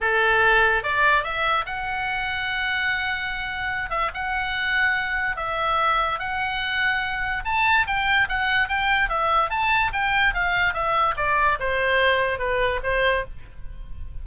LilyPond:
\new Staff \with { instrumentName = "oboe" } { \time 4/4 \tempo 4 = 145 a'2 d''4 e''4 | fis''1~ | fis''4. e''8 fis''2~ | fis''4 e''2 fis''4~ |
fis''2 a''4 g''4 | fis''4 g''4 e''4 a''4 | g''4 f''4 e''4 d''4 | c''2 b'4 c''4 | }